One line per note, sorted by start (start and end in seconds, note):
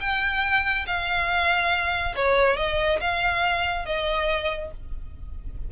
0.00 0.86 G5
0.86 2.15 F5
2.16 2.57 C#5
2.57 3.00 D#5
3.01 3.86 F5
3.86 4.71 D#5